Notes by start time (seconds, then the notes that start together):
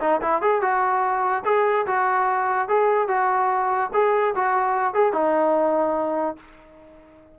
0.00 D#4
0.21 E4
0.41 G#4
0.61 F#4
1.45 G#4
1.86 F#4
2.68 G#4
3.08 F#4
3.93 G#4
4.35 F#4
4.94 G#4
5.13 D#4